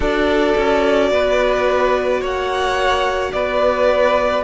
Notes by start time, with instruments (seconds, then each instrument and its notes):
0.00 cello D4, viola F#4, violin A4 D5
0.57 cello C#4
1.10 cello B3, violin B4
2.21 cello A#3, violin C#5 F#5
3.32 cello B3, violin B4 D5